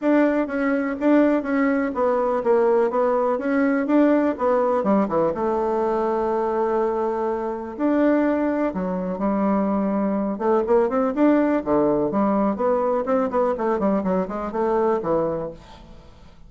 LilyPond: \new Staff \with { instrumentName = "bassoon" } { \time 4/4 \tempo 4 = 124 d'4 cis'4 d'4 cis'4 | b4 ais4 b4 cis'4 | d'4 b4 g8 e8 a4~ | a1 |
d'2 fis4 g4~ | g4. a8 ais8 c'8 d'4 | d4 g4 b4 c'8 b8 | a8 g8 fis8 gis8 a4 e4 | }